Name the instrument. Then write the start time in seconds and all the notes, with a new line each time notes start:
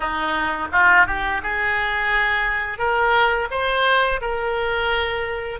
oboe
0.00 D#4
0.72 F4
1.07 G4
1.42 G#4
2.78 A#4
3.50 C5
4.21 A#4